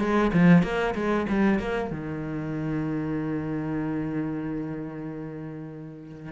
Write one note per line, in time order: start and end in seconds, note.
0.00 0.32 G#3
0.34 0.63 F3
0.63 0.95 A#3
0.95 1.27 G#3
1.29 1.60 G3
1.60 1.91 A#3
1.91 6.32 D#3